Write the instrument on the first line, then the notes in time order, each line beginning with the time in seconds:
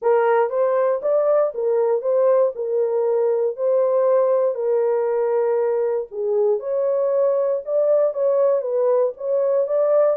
horn
0.02 A#4
0.49 C5
1.02 D5
1.54 A#4
2.01 C5
2.55 A#4
3.56 C5
4.54 A#4
6.11 G#4
6.59 C#5
7.65 D5
8.13 C#5
8.61 B4
9.17 C#5
9.67 D5